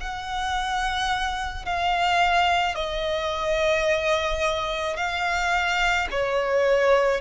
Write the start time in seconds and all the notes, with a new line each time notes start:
0.00 F#5
1.65 F5
2.75 D#5
4.96 F5
6.11 C#5